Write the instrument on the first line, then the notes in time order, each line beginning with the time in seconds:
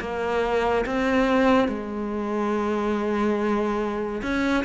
cello
0.00 A#3
0.85 C4
1.68 G#3
4.22 C#4